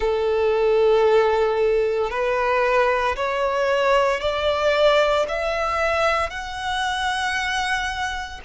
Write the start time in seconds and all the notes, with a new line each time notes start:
0.00 A4
2.10 B4
3.16 C#5
4.20 D5
5.28 E5
6.30 F#5